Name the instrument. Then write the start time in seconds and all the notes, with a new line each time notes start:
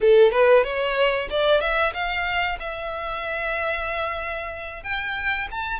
violin
0.00 A4
0.31 B4
0.64 C#5
1.30 D5
1.60 E5
1.93 F5
2.59 E5
4.83 G5
5.51 A5